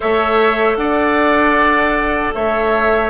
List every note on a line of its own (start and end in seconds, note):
0.00 0.76 A3
0.00 3.09 A4
0.00 0.77 C#5
0.00 0.76 E5
0.76 2.32 D4
0.76 2.34 D5
0.76 2.32 F#5
2.34 3.09 A3
2.34 3.09 C#5
2.34 3.09 E5